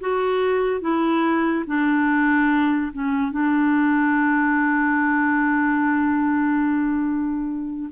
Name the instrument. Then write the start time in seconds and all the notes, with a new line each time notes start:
clarinet
0.00 F#4
0.81 E4
1.67 D4
2.92 C#4
3.31 D4